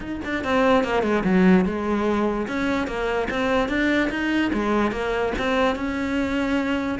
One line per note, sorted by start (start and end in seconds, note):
0.00 0.20 D#4
0.24 0.44 D4
0.44 0.84 C4
0.84 1.02 A#3
1.02 1.23 G#3
1.23 1.65 F#3
1.65 2.47 G#3
2.47 2.87 C#4
2.87 3.28 A#3
3.30 3.68 C4
3.68 4.09 D4
4.10 4.51 D#4
4.53 4.91 G#3
4.91 5.32 A#3
5.38 5.75 C4
5.75 6.98 C#4